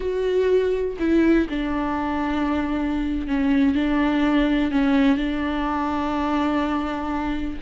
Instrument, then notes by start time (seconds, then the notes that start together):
viola
0.00 F#4
0.99 E4
1.49 D4
3.27 C#4
3.74 D4
4.71 C#4
5.17 D4